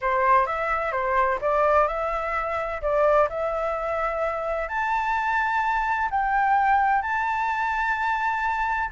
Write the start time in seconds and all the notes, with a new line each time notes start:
0.01 C5
0.46 E5
0.92 C5
1.41 D5
1.87 E5
2.81 D5
3.29 E5
4.68 A5
6.10 G5
7.02 A5